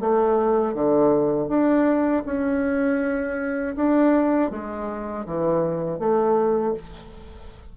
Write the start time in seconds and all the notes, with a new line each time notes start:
0.00 A3
0.74 D3
1.48 D4
2.25 C#4
3.75 D4
4.50 G#3
5.25 E3
5.99 A3